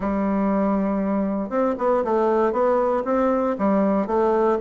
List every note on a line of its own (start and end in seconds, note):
0.00 1.49 G3
1.49 1.74 C4
1.78 2.03 B3
2.04 2.52 A3
2.52 3.03 B3
3.05 3.55 C4
3.58 4.07 G3
4.07 4.57 A3